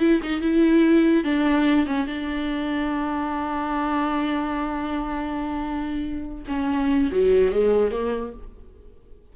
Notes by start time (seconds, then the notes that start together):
0.00 E4
0.23 D#4
0.41 E4
1.24 D4
1.87 C#4
2.07 D4
6.48 C#4
7.12 F#3
7.52 G#3
7.91 A#3